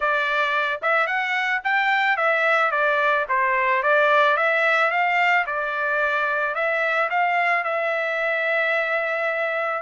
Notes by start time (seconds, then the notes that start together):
0.00 D5
0.82 E5
1.06 F#5
1.64 G5
2.17 E5
2.71 D5
3.28 C5
3.82 D5
4.36 E5
4.90 F5
5.46 D5
6.54 E5
7.10 F5
7.64 E5